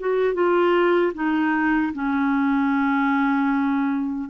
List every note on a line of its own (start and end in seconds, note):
0.00 0.34 F#4
0.34 1.13 F4
1.14 1.93 D#4
1.94 4.30 C#4